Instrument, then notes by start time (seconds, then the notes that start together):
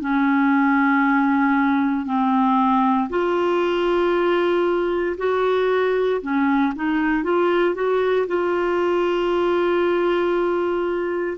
clarinet
0.00 C#4
2.05 C4
3.09 F4
5.17 F#4
6.21 C#4
6.75 D#4
7.23 F4
7.74 F#4
8.27 F4